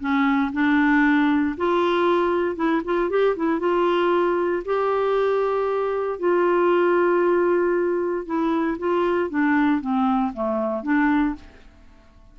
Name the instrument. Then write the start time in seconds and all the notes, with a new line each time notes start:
clarinet
0.00 C#4
0.53 D4
1.57 F4
2.56 E4
2.85 F4
3.10 G4
3.36 E4
3.60 F4
4.65 G4
6.19 F4
8.26 E4
8.79 F4
9.30 D4
9.81 C4
10.34 A3
10.83 D4